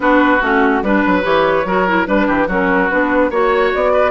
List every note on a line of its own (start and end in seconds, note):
0.00 0.40 B3
0.00 0.39 D4
0.00 0.84 F#4
0.00 0.41 B4
0.41 0.82 A3
0.41 0.83 C#4
0.41 0.82 F#4
0.82 1.03 G3
0.82 1.23 D4
0.82 1.24 B4
0.82 1.66 B4
1.06 1.25 F#3
1.23 1.64 E3
1.23 1.64 G4
1.23 2.07 C#5
1.64 2.06 F#3
1.64 1.87 F#4
1.64 2.07 A#4
1.87 2.06 E4
2.06 2.28 G3
2.06 2.47 D4
2.06 2.49 B4
2.06 2.27 B4
2.27 2.47 E3
2.27 2.47 G4
2.47 2.89 F#3
2.47 2.90 C#4
2.47 3.30 F#4
2.47 2.90 A#4
2.90 3.30 B3
2.90 3.31 D4
2.90 3.31 B4
3.30 3.72 A#3
3.30 4.11 F#4
3.30 3.92 C#5
3.30 3.73 C#5
3.74 4.11 B3
3.74 4.11 D5
3.92 4.11 B4